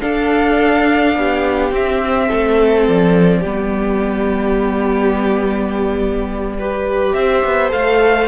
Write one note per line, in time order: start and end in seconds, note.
0.00 1.71 D4
0.00 1.15 D4
0.00 1.16 A4
0.00 1.72 F5
1.15 1.70 B3
1.15 2.28 G4
1.70 2.27 C4
1.70 3.44 C4
1.70 2.88 E5
2.28 2.88 A3
2.28 3.40 A4
2.88 3.44 F3
2.88 7.13 D5
3.40 7.13 G3
3.40 6.59 B3
3.40 6.54 G4
6.58 7.69 G4
6.58 7.15 B4
7.13 7.42 C4
7.13 8.27 C5
7.13 7.70 E5
7.44 7.72 B3
7.69 8.27 A3
7.69 8.26 A4
7.69 8.27 F5